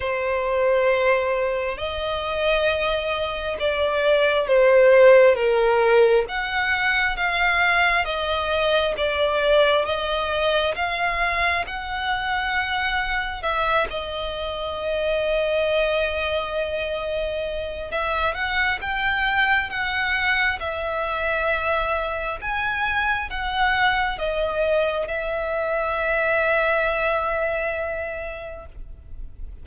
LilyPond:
\new Staff \with { instrumentName = "violin" } { \time 4/4 \tempo 4 = 67 c''2 dis''2 | d''4 c''4 ais'4 fis''4 | f''4 dis''4 d''4 dis''4 | f''4 fis''2 e''8 dis''8~ |
dis''1 | e''8 fis''8 g''4 fis''4 e''4~ | e''4 gis''4 fis''4 dis''4 | e''1 | }